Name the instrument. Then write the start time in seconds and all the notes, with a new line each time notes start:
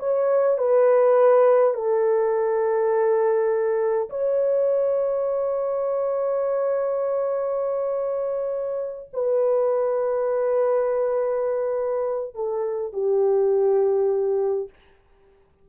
horn
0.00 C#5
0.59 B4
1.75 A4
4.10 C#5
9.14 B4
12.35 A4
12.93 G4